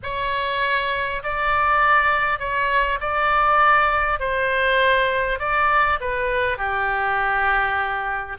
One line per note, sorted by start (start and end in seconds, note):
0.02 1.22 C#5
1.23 2.39 D5
2.39 2.99 C#5
3.00 4.19 D5
4.19 5.39 C5
5.39 5.99 D5
6.00 6.57 B4
6.57 8.37 G4